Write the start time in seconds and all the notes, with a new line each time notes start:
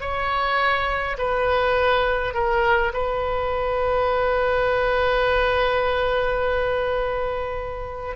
0.00 C#5
1.18 B4
2.34 A#4
2.93 B4